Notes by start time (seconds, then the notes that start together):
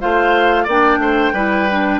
0.00 A3 F4 C5 F5
0.64 A#3 D5 G5
0.70 D4
0.98 A3 C5
1.33 G3 E4 B4
1.71 D4